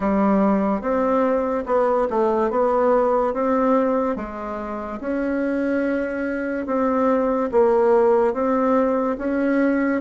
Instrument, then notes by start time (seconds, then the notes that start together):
bassoon
0.00 G3
0.81 C4
1.66 B3
2.10 A3
2.50 B3
3.33 C4
4.16 G#3
5.00 C#4
6.66 C4
7.52 A#3
8.33 C4
9.17 C#4